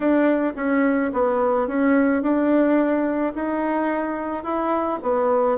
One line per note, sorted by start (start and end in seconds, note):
0.00 0.53 D4
0.56 1.11 C#4
1.13 1.67 B3
1.67 2.22 C#4
2.22 3.33 D4
3.34 4.43 D#4
4.43 4.98 E4
5.02 5.58 B3